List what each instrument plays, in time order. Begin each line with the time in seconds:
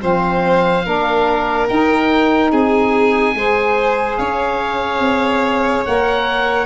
0.00 tuba F3, saxophone C4, violin C5, oboe F5
0.85 tuba A#3, saxophone D4, violin A#4
1.68 saxophone D#4, tuba D#4, oboe G5
2.52 tuba C4, violin G#4, oboe G#5
3.35 tuba G#3, saxophone G#4, violin C5
4.18 tuba C#4, violin C#5, oboe F5
4.99 tuba C4
5.86 tuba A#3, saxophone A#4, oboe F#5